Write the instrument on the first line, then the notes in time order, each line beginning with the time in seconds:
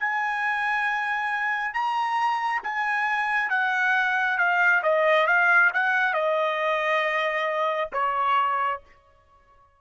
trumpet
0.00 G#5
1.74 A#5
2.64 G#5
3.50 F#5
4.38 F5
4.83 D#5
5.27 F5
5.74 F#5
6.14 D#5
7.92 C#5